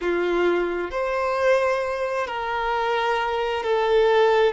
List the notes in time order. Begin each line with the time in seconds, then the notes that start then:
0.00 F4
0.90 C5
2.27 A#4
3.63 A4